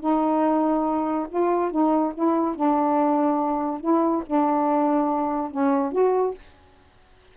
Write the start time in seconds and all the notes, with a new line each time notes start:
0.00 D#4
1.29 F4
1.70 D#4
2.14 E4
2.55 D4
3.80 E4
4.26 D4
5.51 C#4
5.92 F#4